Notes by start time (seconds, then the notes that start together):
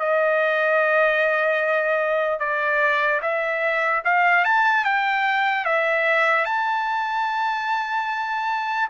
0.00 D#5
2.40 D5
3.22 E5
4.05 F5
4.45 A5
4.85 G5
5.66 E5
6.46 A5